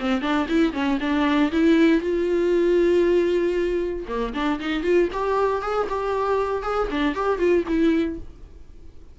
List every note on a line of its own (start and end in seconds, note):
0.00 0.21 C4
0.21 0.47 D4
0.49 0.73 E4
0.73 0.99 C#4
1.00 1.52 D4
1.52 2.01 E4
2.01 4.06 F4
4.08 4.34 A#3
4.34 4.60 D4
4.60 4.83 D#4
4.83 5.09 F4
5.13 5.62 G4
5.62 5.88 G#4
5.89 6.63 G4
6.63 6.88 G#4
6.91 7.15 D4
7.15 7.39 G4
7.39 7.65 F4
7.68 8.19 E4